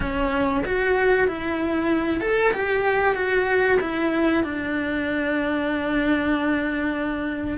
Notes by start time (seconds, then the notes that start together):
0.00 C#4
0.65 F#4
1.27 E4
2.20 A4
2.53 G4
3.15 F#4
3.80 E4
4.43 D4